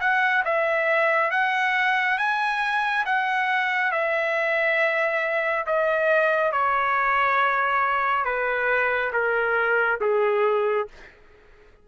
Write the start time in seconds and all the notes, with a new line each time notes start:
0.00 F#5
0.45 E5
1.31 F#5
2.18 G#5
3.06 F#5
3.92 E5
5.66 D#5
6.52 C#5
8.25 B4
9.13 A#4
10.01 G#4